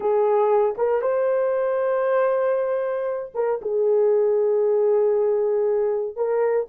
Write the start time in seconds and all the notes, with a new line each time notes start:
0.00 G#4
0.77 A#4
1.01 C5
3.34 A#4
3.61 G#4
6.16 A#4